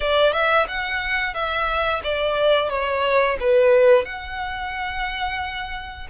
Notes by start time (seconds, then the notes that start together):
0.00 D5
0.32 E5
0.67 F#5
1.34 E5
2.03 D5
2.69 C#5
3.40 B4
4.05 F#5